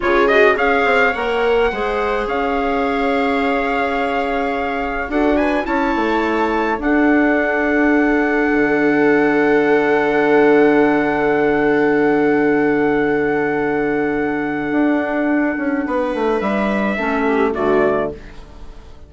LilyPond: <<
  \new Staff \with { instrumentName = "trumpet" } { \time 4/4 \tempo 4 = 106 cis''8 dis''8 f''4 fis''2 | f''1~ | f''4 fis''8 gis''8 a''2 | fis''1~ |
fis''1~ | fis''1~ | fis''1~ | fis''4 e''2 d''4 | }
  \new Staff \with { instrumentName = "viola" } { \time 4/4 gis'4 cis''2 c''4 | cis''1~ | cis''4 a'8 b'8 cis''2 | a'1~ |
a'1~ | a'1~ | a'1 | b'2 a'8 g'8 fis'4 | }
  \new Staff \with { instrumentName = "clarinet" } { \time 4/4 f'8 fis'8 gis'4 ais'4 gis'4~ | gis'1~ | gis'4 fis'4 e'2 | d'1~ |
d'1~ | d'1~ | d'1~ | d'2 cis'4 a4 | }
  \new Staff \with { instrumentName = "bassoon" } { \time 4/4 cis4 cis'8 c'8 ais4 gis4 | cis'1~ | cis'4 d'4 cis'8 a4. | d'2. d4~ |
d1~ | d1~ | d2 d'4. cis'8 | b8 a8 g4 a4 d4 | }
>>